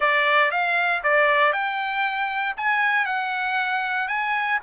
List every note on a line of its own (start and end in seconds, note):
0.00 0.51 D5
0.51 1.02 F5
1.03 1.52 D5
1.52 2.55 G5
2.56 3.05 G#5
3.05 4.07 F#5
4.07 4.59 G#5